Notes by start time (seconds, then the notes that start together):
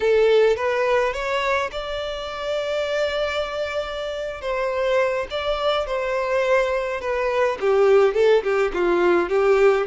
0.00 A4
0.56 B4
1.13 C#5
1.71 D5
4.41 C5
5.30 D5
5.86 C5
7.01 B4
7.60 G4
8.14 A4
8.43 G4
8.73 F4
9.29 G4